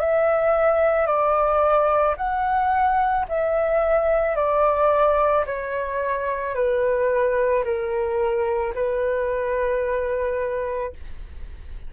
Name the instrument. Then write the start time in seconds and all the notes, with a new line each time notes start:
flute
0.00 E5
1.07 D5
2.17 F#5
3.29 E5
4.36 D5
5.46 C#5
6.55 B4
7.65 A#4
8.75 B4